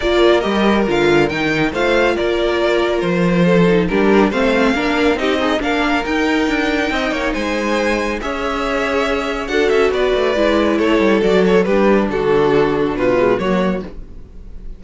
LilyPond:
<<
  \new Staff \with { instrumentName = "violin" } { \time 4/4 \tempo 4 = 139 d''4 dis''4 f''4 g''4 | f''4 d''2 c''4~ | c''4 ais'4 f''2 | dis''4 f''4 g''2~ |
g''4 gis''2 e''4~ | e''2 fis''8 e''8 d''4~ | d''4 cis''4 d''8 cis''8 b'4 | a'2 b'4 cis''4 | }
  \new Staff \with { instrumentName = "violin" } { \time 4/4 ais'1 | c''4 ais'2. | a'4 g'4 c''4 ais'4 | g'8 dis'8 ais'2. |
dis''8 cis''8 c''2 cis''4~ | cis''2 a'4 b'4~ | b'4 a'2 g'4 | fis'2 f'4 fis'4 | }
  \new Staff \with { instrumentName = "viola" } { \time 4/4 f'4 g'4 f'4 dis'4 | f'1~ | f'8 dis'8 d'4 c'4 d'4 | dis'8 gis'8 d'4 dis'2~ |
dis'2. gis'4~ | gis'2 fis'2 | e'2 fis'8 a'8 d'4~ | d'2~ d'8 gis8 ais4 | }
  \new Staff \with { instrumentName = "cello" } { \time 4/4 ais4 g4 d4 dis4 | a4 ais2 f4~ | f4 g4 a4 ais4 | c'4 ais4 dis'4 d'4 |
c'8 ais8 gis2 cis'4~ | cis'2 d'8 cis'8 b8 a8 | gis4 a8 g8 fis4 g4 | d2 b,4 fis4 | }
>>